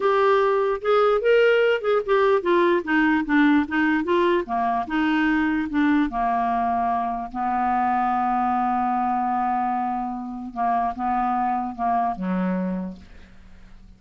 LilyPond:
\new Staff \with { instrumentName = "clarinet" } { \time 4/4 \tempo 4 = 148 g'2 gis'4 ais'4~ | ais'8 gis'8 g'4 f'4 dis'4 | d'4 dis'4 f'4 ais4 | dis'2 d'4 ais4~ |
ais2 b2~ | b1~ | b2 ais4 b4~ | b4 ais4 fis2 | }